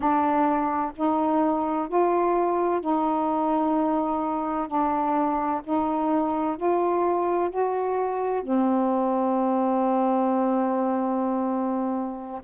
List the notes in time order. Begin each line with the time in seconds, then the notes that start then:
0.00 D4
0.96 D#4
1.88 F4
2.80 D#4
4.67 D4
5.63 D#4
6.56 F4
7.50 F#4
8.42 C4